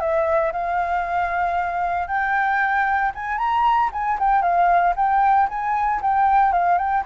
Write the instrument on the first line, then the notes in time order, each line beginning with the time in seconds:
flute
0.00 E5
0.52 F5
2.08 G5
3.15 G#5
3.38 A#5
3.92 G#5
4.19 G5
4.42 F5
4.96 G5
5.49 G#5
6.02 G5
6.52 F5
6.78 G5